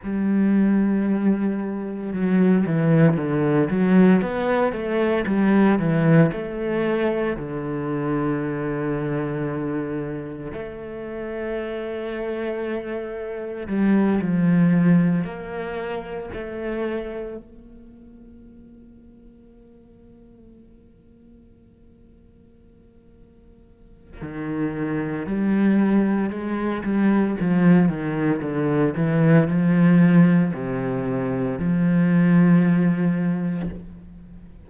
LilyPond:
\new Staff \with { instrumentName = "cello" } { \time 4/4 \tempo 4 = 57 g2 fis8 e8 d8 fis8 | b8 a8 g8 e8 a4 d4~ | d2 a2~ | a4 g8 f4 ais4 a8~ |
a8 ais2.~ ais8~ | ais2. dis4 | g4 gis8 g8 f8 dis8 d8 e8 | f4 c4 f2 | }